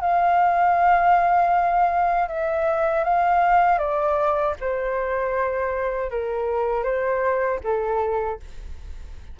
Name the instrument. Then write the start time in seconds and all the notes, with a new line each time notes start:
flute
0.00 F5
2.28 E5
3.03 F5
3.78 D5
4.60 C5
6.10 A#4
6.84 C5
7.63 A4